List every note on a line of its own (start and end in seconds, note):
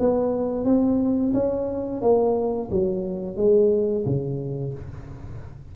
0.00 0.65 B3
0.65 1.33 C4
1.34 2.02 C#4
2.02 2.70 A#3
2.71 3.37 F#3
3.37 4.05 G#3
4.06 4.74 C#3